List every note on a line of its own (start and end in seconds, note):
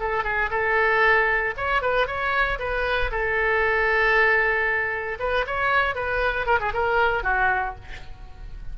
0.00 0.24 A4
0.24 0.50 G#4
0.51 1.54 A4
1.57 1.82 C#5
1.82 2.07 B4
2.07 2.59 C#5
2.59 3.11 B4
3.11 5.18 A4
5.20 5.45 B4
5.47 5.95 C#5
5.95 6.46 B4
6.46 6.59 A#4
6.60 6.73 G#4
6.73 7.23 A#4
7.23 7.75 F#4